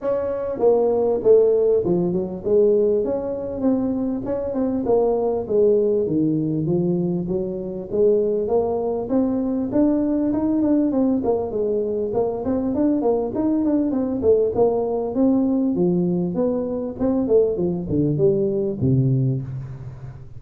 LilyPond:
\new Staff \with { instrumentName = "tuba" } { \time 4/4 \tempo 4 = 99 cis'4 ais4 a4 f8 fis8 | gis4 cis'4 c'4 cis'8 c'8 | ais4 gis4 dis4 f4 | fis4 gis4 ais4 c'4 |
d'4 dis'8 d'8 c'8 ais8 gis4 | ais8 c'8 d'8 ais8 dis'8 d'8 c'8 a8 | ais4 c'4 f4 b4 | c'8 a8 f8 d8 g4 c4 | }